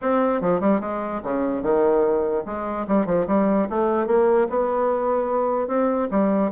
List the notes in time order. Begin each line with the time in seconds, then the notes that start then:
0.01 C4
0.41 F3
0.60 G3
0.80 G#3
1.23 C#3
1.62 D#3
2.45 G#3
2.87 G3
3.06 F3
3.27 G3
3.69 A3
4.06 A#3
4.49 B3
5.67 C4
6.10 G3